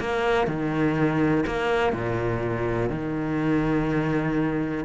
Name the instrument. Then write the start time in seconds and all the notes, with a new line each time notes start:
cello
0.00 A#3
0.47 D#3
1.47 A#3
1.93 A#2
2.90 D#3